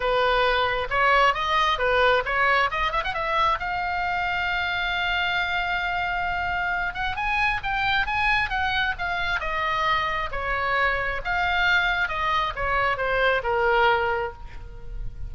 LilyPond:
\new Staff \with { instrumentName = "oboe" } { \time 4/4 \tempo 4 = 134 b'2 cis''4 dis''4 | b'4 cis''4 dis''8 e''16 fis''16 e''4 | f''1~ | f''2.~ f''8 fis''8 |
gis''4 g''4 gis''4 fis''4 | f''4 dis''2 cis''4~ | cis''4 f''2 dis''4 | cis''4 c''4 ais'2 | }